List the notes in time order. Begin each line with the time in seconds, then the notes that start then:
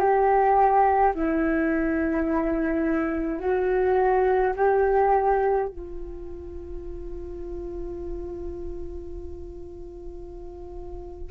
0.00 G4
1.15 E4
3.40 F#4
4.56 G4
5.68 F4